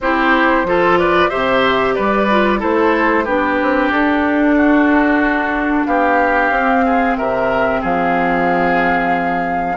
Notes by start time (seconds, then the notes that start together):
0.00 C4 E4 G4 C5
0.64 F3 F4 A4
0.98 B4 D5
1.29 C3 G4 C5 E5
1.94 G3 B4 D5
2.30 F4
2.58 A3 E4 A4 C5
3.24 B3 D4 G4 B4
3.62 C4
3.89 D4 A4
4.56 F#4
5.85 B3 G4 F5
6.50 C4
6.85 G#4
7.16 C3 A#4 E5
7.80 F3 G#4 F5